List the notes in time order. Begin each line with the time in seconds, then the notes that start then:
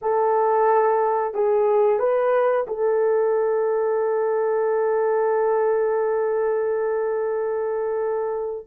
0.01 A4
1.34 G#4
1.99 B4
2.67 A4